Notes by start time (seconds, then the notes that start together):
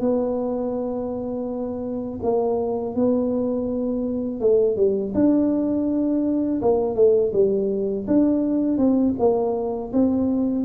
0.00 B3
2.23 A#3
2.95 B3
4.40 A3
4.76 G3
5.14 D4
6.61 A#3
6.95 A3
7.33 G3
8.07 D4
8.78 C4
9.19 A#3
9.93 C4